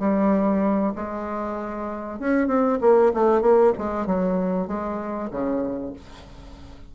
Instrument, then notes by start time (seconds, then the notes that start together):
bassoon
0.00 G3
0.95 G#3
2.20 C#4
2.48 C4
2.81 A#3
3.14 A3
3.42 A#3
3.78 G#3
4.06 F#3
4.68 G#3
5.31 C#3